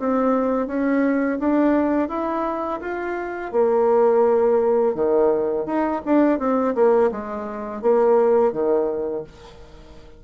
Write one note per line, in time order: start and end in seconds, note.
0.00 0.68 C4
0.68 1.39 C#4
1.40 2.09 D4
2.09 2.81 E4
2.81 3.52 F4
3.52 4.95 A#3
4.95 5.66 D#3
5.66 6.02 D#4
6.06 6.39 D4
6.39 6.75 C4
6.75 7.11 A#3
7.12 7.82 G#3
7.82 8.53 A#3
8.53 9.24 D#3